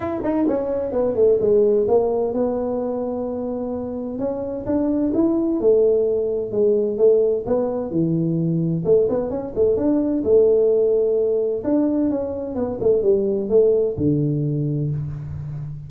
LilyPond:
\new Staff \with { instrumentName = "tuba" } { \time 4/4 \tempo 4 = 129 e'8 dis'8 cis'4 b8 a8 gis4 | ais4 b2.~ | b4 cis'4 d'4 e'4 | a2 gis4 a4 |
b4 e2 a8 b8 | cis'8 a8 d'4 a2~ | a4 d'4 cis'4 b8 a8 | g4 a4 d2 | }